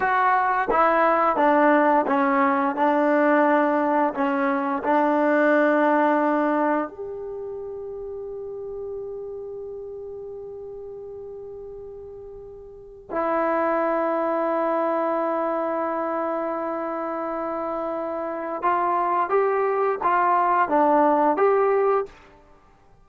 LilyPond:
\new Staff \with { instrumentName = "trombone" } { \time 4/4 \tempo 4 = 87 fis'4 e'4 d'4 cis'4 | d'2 cis'4 d'4~ | d'2 g'2~ | g'1~ |
g'2. e'4~ | e'1~ | e'2. f'4 | g'4 f'4 d'4 g'4 | }